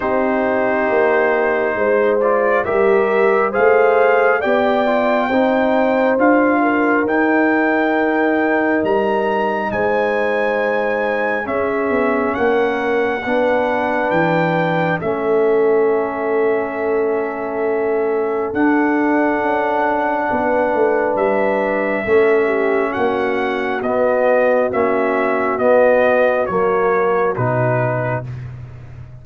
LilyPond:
<<
  \new Staff \with { instrumentName = "trumpet" } { \time 4/4 \tempo 4 = 68 c''2~ c''8 d''8 e''4 | f''4 g''2 f''4 | g''2 ais''4 gis''4~ | gis''4 e''4 fis''2 |
g''4 e''2.~ | e''4 fis''2. | e''2 fis''4 dis''4 | e''4 dis''4 cis''4 b'4 | }
  \new Staff \with { instrumentName = "horn" } { \time 4/4 g'2 c''4 ais'4 | c''4 d''4 c''4. ais'8~ | ais'2. c''4~ | c''4 gis'4 ais'4 b'4~ |
b'4 a'2.~ | a'2. b'4~ | b'4 a'8 g'8 fis'2~ | fis'1 | }
  \new Staff \with { instrumentName = "trombone" } { \time 4/4 dis'2~ dis'8 f'8 g'4 | gis'4 g'8 f'8 dis'4 f'4 | dis'1~ | dis'4 cis'2 d'4~ |
d'4 cis'2.~ | cis'4 d'2.~ | d'4 cis'2 b4 | cis'4 b4 ais4 dis'4 | }
  \new Staff \with { instrumentName = "tuba" } { \time 4/4 c'4 ais4 gis4 g4 | a4 b4 c'4 d'4 | dis'2 g4 gis4~ | gis4 cis'8 b8 ais4 b4 |
e4 a2.~ | a4 d'4 cis'4 b8 a8 | g4 a4 ais4 b4 | ais4 b4 fis4 b,4 | }
>>